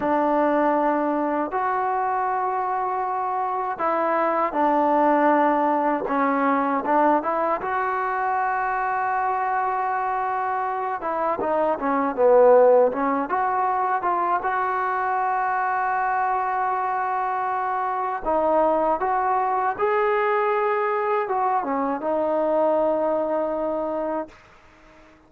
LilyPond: \new Staff \with { instrumentName = "trombone" } { \time 4/4 \tempo 4 = 79 d'2 fis'2~ | fis'4 e'4 d'2 | cis'4 d'8 e'8 fis'2~ | fis'2~ fis'8 e'8 dis'8 cis'8 |
b4 cis'8 fis'4 f'8 fis'4~ | fis'1 | dis'4 fis'4 gis'2 | fis'8 cis'8 dis'2. | }